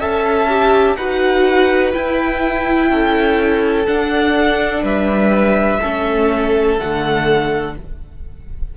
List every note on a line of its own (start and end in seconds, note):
0.00 0.97 C#4
0.00 0.48 A4
0.00 0.97 E5
0.00 0.97 A5
0.49 0.97 G4
0.97 1.93 D#4
0.97 1.93 F#4
0.97 2.91 B4
0.97 1.93 F#5
1.93 3.87 E4
1.93 2.91 E4
1.93 3.86 G5
2.91 3.87 C#4
2.91 4.83 A4
3.86 5.80 D4
3.86 4.83 D4
3.86 4.83 F#5
4.83 5.79 G3
4.83 5.80 B4
4.83 6.79 E5
5.81 6.81 A3
5.81 6.79 C#4
5.81 7.74 A4
6.79 7.78 D3
6.79 7.75 A3
6.79 7.75 F#5